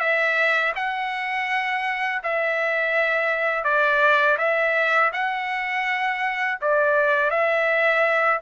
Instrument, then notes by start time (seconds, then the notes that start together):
trumpet
0.00 E5
0.76 F#5
2.24 E5
3.65 D5
4.38 E5
5.13 F#5
6.62 D5
7.31 E5